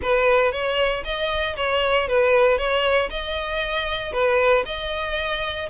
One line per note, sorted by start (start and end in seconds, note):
0.02 0.51 B4
0.51 1.03 C#5
1.04 1.56 D#5
1.56 2.07 C#5
2.07 2.57 B4
2.57 3.09 C#5
3.10 4.12 D#5
4.12 4.64 B4
4.65 5.69 D#5